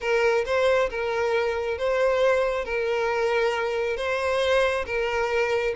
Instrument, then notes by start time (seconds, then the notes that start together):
violin
0.00 A#4
0.45 C5
0.89 A#4
1.78 C5
2.64 A#4
3.97 C5
4.85 A#4